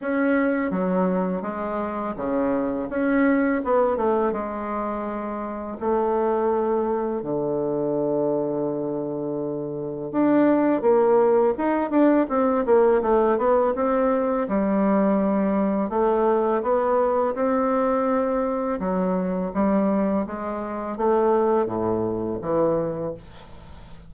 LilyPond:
\new Staff \with { instrumentName = "bassoon" } { \time 4/4 \tempo 4 = 83 cis'4 fis4 gis4 cis4 | cis'4 b8 a8 gis2 | a2 d2~ | d2 d'4 ais4 |
dis'8 d'8 c'8 ais8 a8 b8 c'4 | g2 a4 b4 | c'2 fis4 g4 | gis4 a4 a,4 e4 | }